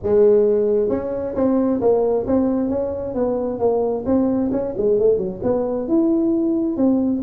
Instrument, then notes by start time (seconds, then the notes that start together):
tuba
0.02 G#3
0.89 C#4
1.35 C4
1.80 A#3
2.26 C4
2.69 C#4
3.14 B3
3.59 A#3
4.05 C4
4.51 C#4
4.77 G#3
4.99 A3
5.17 F#3
5.43 B3
5.87 E4
6.76 C4